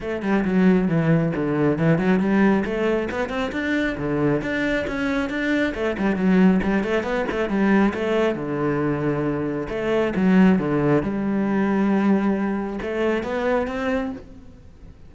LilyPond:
\new Staff \with { instrumentName = "cello" } { \time 4/4 \tempo 4 = 136 a8 g8 fis4 e4 d4 | e8 fis8 g4 a4 b8 c'8 | d'4 d4 d'4 cis'4 | d'4 a8 g8 fis4 g8 a8 |
b8 a8 g4 a4 d4~ | d2 a4 fis4 | d4 g2.~ | g4 a4 b4 c'4 | }